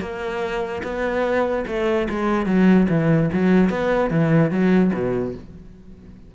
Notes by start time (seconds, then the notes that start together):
0.00 A#3
0.83 B3
1.67 A3
2.09 G#3
2.45 F#3
2.89 E3
3.32 F#3
3.69 B3
4.10 E3
4.50 F#3
4.93 B2